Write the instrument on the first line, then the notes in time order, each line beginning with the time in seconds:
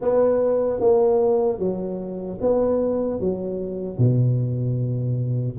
tuba
0.01 B3
0.80 A#3
1.58 F#3
2.40 B3
3.20 F#3
3.97 B2